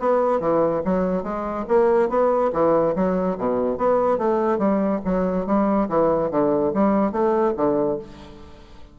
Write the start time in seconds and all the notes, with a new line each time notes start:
0.00 B3
0.41 E3
0.85 F#3
1.24 G#3
1.68 A#3
2.10 B3
2.53 E3
2.96 F#3
3.39 B2
3.78 B3
4.18 A3
4.59 G3
5.05 F#3
5.47 G3
5.89 E3
6.31 D3
6.74 G3
7.12 A3
7.57 D3